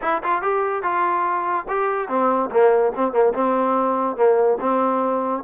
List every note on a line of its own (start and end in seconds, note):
0.01 0.22 E4
0.23 0.41 F4
0.41 0.82 G4
0.82 1.66 F4
1.68 2.08 G4
2.08 2.49 C4
2.50 2.92 A#3
2.95 3.12 C4
3.12 3.33 A#3
3.33 4.16 C4
4.16 4.58 A#3
4.60 5.43 C4